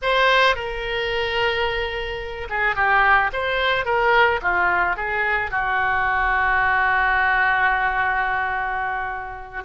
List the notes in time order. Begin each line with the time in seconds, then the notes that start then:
0.02 C5
0.55 A#4
2.49 G#4
2.75 G4
3.33 C5
3.85 A#4
4.42 F4
4.96 G#4
5.50 F#4